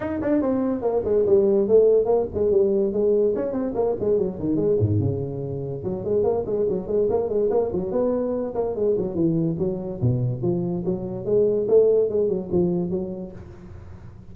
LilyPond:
\new Staff \with { instrumentName = "tuba" } { \time 4/4 \tempo 4 = 144 dis'8 d'8 c'4 ais8 gis8 g4 | a4 ais8 gis8 g4 gis4 | cis'8 c'8 ais8 gis8 fis8 dis8 gis8 gis,8 | cis2 fis8 gis8 ais8 gis8 |
fis8 gis8 ais8 gis8 ais8 fis8 b4~ | b8 ais8 gis8 fis8 e4 fis4 | b,4 f4 fis4 gis4 | a4 gis8 fis8 f4 fis4 | }